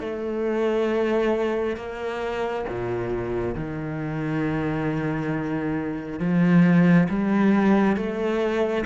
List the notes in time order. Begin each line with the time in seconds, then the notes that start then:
0.00 A3
1.76 A#3
2.69 A#2
3.55 D#3
6.20 F3
7.09 G3
7.97 A3